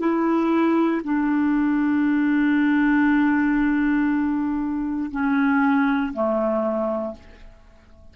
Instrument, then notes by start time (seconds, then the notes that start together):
clarinet
0.00 E4
1.04 D4
5.11 C#4
6.13 A3